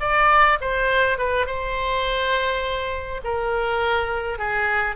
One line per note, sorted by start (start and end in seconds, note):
0.00 0.58 D5
0.61 1.18 C5
1.18 1.46 B4
1.46 3.21 C5
3.24 4.38 A#4
4.38 4.95 G#4